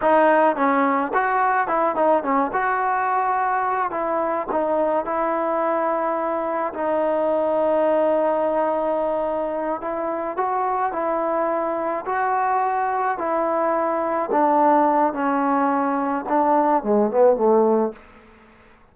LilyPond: \new Staff \with { instrumentName = "trombone" } { \time 4/4 \tempo 4 = 107 dis'4 cis'4 fis'4 e'8 dis'8 | cis'8 fis'2~ fis'8 e'4 | dis'4 e'2. | dis'1~ |
dis'4. e'4 fis'4 e'8~ | e'4. fis'2 e'8~ | e'4. d'4. cis'4~ | cis'4 d'4 gis8 b8 a4 | }